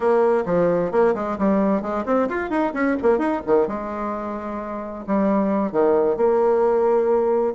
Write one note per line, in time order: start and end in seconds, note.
0.00 0.44 A#3
0.45 0.91 F3
0.91 1.14 A#3
1.15 1.37 G#3
1.38 1.82 G3
1.82 2.04 G#3
2.05 2.28 C4
2.29 2.50 F4
2.50 2.73 D#4
2.73 2.96 C#4
3.02 3.18 A#3
3.18 3.41 D#4
3.46 3.67 D#3
3.67 5.05 G#3
5.07 5.72 G3
5.72 6.16 D#3
6.16 7.54 A#3